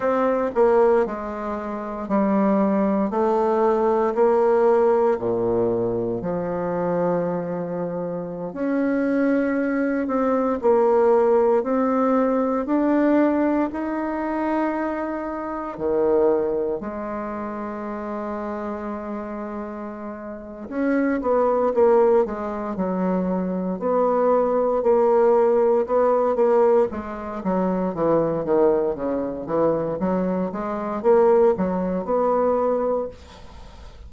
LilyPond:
\new Staff \with { instrumentName = "bassoon" } { \time 4/4 \tempo 4 = 58 c'8 ais8 gis4 g4 a4 | ais4 ais,4 f2~ | f16 cis'4. c'8 ais4 c'8.~ | c'16 d'4 dis'2 dis8.~ |
dis16 gis2.~ gis8. | cis'8 b8 ais8 gis8 fis4 b4 | ais4 b8 ais8 gis8 fis8 e8 dis8 | cis8 e8 fis8 gis8 ais8 fis8 b4 | }